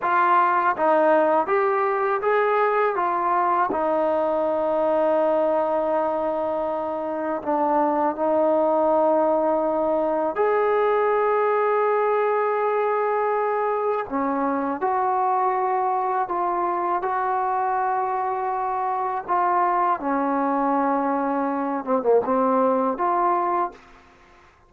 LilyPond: \new Staff \with { instrumentName = "trombone" } { \time 4/4 \tempo 4 = 81 f'4 dis'4 g'4 gis'4 | f'4 dis'2.~ | dis'2 d'4 dis'4~ | dis'2 gis'2~ |
gis'2. cis'4 | fis'2 f'4 fis'4~ | fis'2 f'4 cis'4~ | cis'4. c'16 ais16 c'4 f'4 | }